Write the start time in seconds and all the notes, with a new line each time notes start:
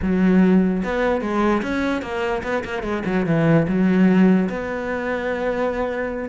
0.01 F#3
0.83 B3
1.21 G#3
1.62 C#4
2.02 A#3
2.43 B3
2.64 A#3
2.82 G#3
3.05 F#3
3.26 E3
3.67 F#3
4.49 B3